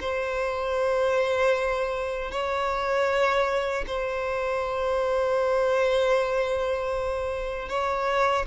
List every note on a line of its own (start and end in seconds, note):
0.00 2.31 C5
2.31 3.85 C#5
3.87 7.69 C5
7.69 8.45 C#5